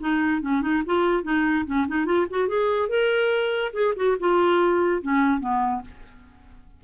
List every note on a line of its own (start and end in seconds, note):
0.00 0.41 D#4
0.41 0.61 C#4
0.61 0.82 D#4
0.86 1.23 F4
1.23 1.65 D#4
1.66 1.87 C#4
1.87 2.05 D#4
2.05 2.26 F4
2.30 2.48 F#4
2.48 2.88 G#4
2.88 3.72 A#4
3.73 3.94 G#4
3.96 4.17 F#4
4.19 5.02 F4
5.02 5.40 C#4
5.40 5.81 B3